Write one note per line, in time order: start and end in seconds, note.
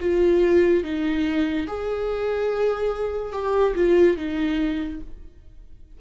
0.00 0.83 F4
0.83 1.67 D#4
1.67 3.32 G#4
3.32 3.74 G4
3.75 4.16 F4
4.17 5.00 D#4